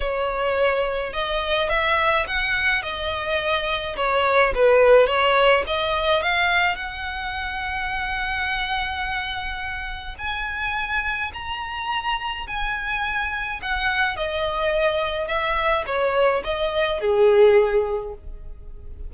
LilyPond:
\new Staff \with { instrumentName = "violin" } { \time 4/4 \tempo 4 = 106 cis''2 dis''4 e''4 | fis''4 dis''2 cis''4 | b'4 cis''4 dis''4 f''4 | fis''1~ |
fis''2 gis''2 | ais''2 gis''2 | fis''4 dis''2 e''4 | cis''4 dis''4 gis'2 | }